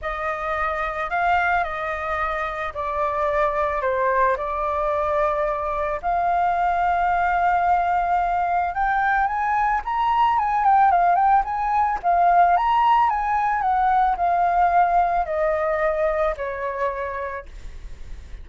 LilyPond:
\new Staff \with { instrumentName = "flute" } { \time 4/4 \tempo 4 = 110 dis''2 f''4 dis''4~ | dis''4 d''2 c''4 | d''2. f''4~ | f''1 |
g''4 gis''4 ais''4 gis''8 g''8 | f''8 g''8 gis''4 f''4 ais''4 | gis''4 fis''4 f''2 | dis''2 cis''2 | }